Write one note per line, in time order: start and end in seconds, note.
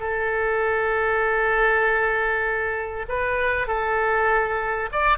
0.00 3.06 A4
3.09 3.67 B4
3.67 4.90 A4
4.92 5.18 D5